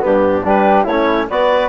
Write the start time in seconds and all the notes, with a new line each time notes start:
0.00 G2 B3 G4
0.08 D4
0.44 G3 D4 G4 B4
0.84 A3 E4 C#5
0.91 C#4
1.29 B3 F#4 B4 D5